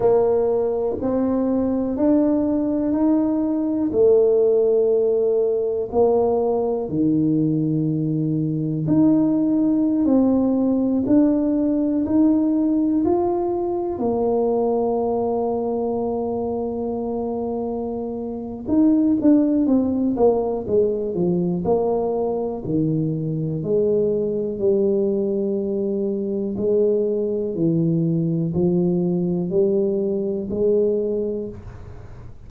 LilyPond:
\new Staff \with { instrumentName = "tuba" } { \time 4/4 \tempo 4 = 61 ais4 c'4 d'4 dis'4 | a2 ais4 dis4~ | dis4 dis'4~ dis'16 c'4 d'8.~ | d'16 dis'4 f'4 ais4.~ ais16~ |
ais2. dis'8 d'8 | c'8 ais8 gis8 f8 ais4 dis4 | gis4 g2 gis4 | e4 f4 g4 gis4 | }